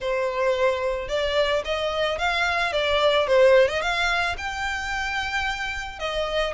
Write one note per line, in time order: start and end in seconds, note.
0.00 1.08 C5
1.08 1.62 D5
1.64 2.18 D#5
2.18 2.72 F5
2.72 3.27 D5
3.27 3.68 C5
3.68 3.81 D#5
3.81 4.36 F5
4.37 5.99 G5
5.99 6.53 D#5